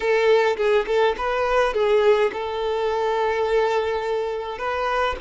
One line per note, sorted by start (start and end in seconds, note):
0.00 0.56 A4
0.56 0.85 G#4
0.87 1.15 A4
1.17 1.73 B4
1.73 2.31 G#4
2.32 4.58 A4
4.58 5.16 B4